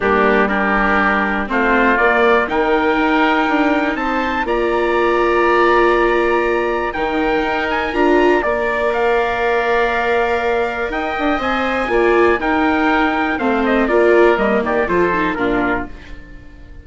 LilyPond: <<
  \new Staff \with { instrumentName = "trumpet" } { \time 4/4 \tempo 4 = 121 g'4 ais'2 c''4 | d''4 g''2. | a''4 ais''2.~ | ais''2 g''4. gis''8 |
ais''4 d''4 f''2~ | f''2 g''4 gis''4~ | gis''4 g''2 f''8 dis''8 | d''4 dis''8 d''8 c''4 ais'4 | }
  \new Staff \with { instrumentName = "oboe" } { \time 4/4 d'4 g'2 f'4~ | f'4 ais'2. | c''4 d''2.~ | d''2 ais'2~ |
ais'4 d''2.~ | d''2 dis''2 | d''4 ais'2 c''4 | ais'4. g'8 a'4 f'4 | }
  \new Staff \with { instrumentName = "viola" } { \time 4/4 ais4 d'2 c'4 | ais4 dis'2.~ | dis'4 f'2.~ | f'2 dis'2 |
f'4 ais'2.~ | ais'2. c''4 | f'4 dis'2 c'4 | f'4 ais4 f'8 dis'8 d'4 | }
  \new Staff \with { instrumentName = "bassoon" } { \time 4/4 g2. a4 | ais4 dis4 dis'4 d'4 | c'4 ais2.~ | ais2 dis4 dis'4 |
d'4 ais2.~ | ais2 dis'8 d'8 c'4 | ais4 dis'2 a4 | ais4 g8 dis8 f4 ais,4 | }
>>